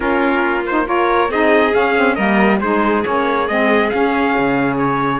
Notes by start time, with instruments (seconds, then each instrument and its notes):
0.00 cello A#3, saxophone C#4, violin F4, trumpet A#4
0.65 saxophone D#4, trumpet C5
0.85 saxophone F4, violin A#4, trumpet C#5
1.28 cello C4, saxophone D#4, violin G#4, trumpet D#5
1.71 saxophone C#4, cello C#4, trumpet F5
1.96 saxophone C4
2.15 cello G3, saxophone A#3, violin A#4, trumpet D#5
2.60 cello G#3, saxophone D#4, violin G#4, trumpet C5
3.03 cello A#3, saxophone C#4, trumpet C#5
3.47 cello G#3, saxophone C4, trumpet D#5
3.90 saxophone C#4, cello C#4, trumpet F5
4.37 cello C#3
4.77 trumpet C#5